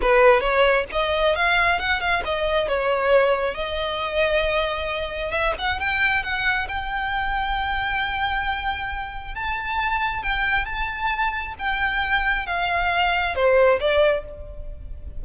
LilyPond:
\new Staff \with { instrumentName = "violin" } { \time 4/4 \tempo 4 = 135 b'4 cis''4 dis''4 f''4 | fis''8 f''8 dis''4 cis''2 | dis''1 | e''8 fis''8 g''4 fis''4 g''4~ |
g''1~ | g''4 a''2 g''4 | a''2 g''2 | f''2 c''4 d''4 | }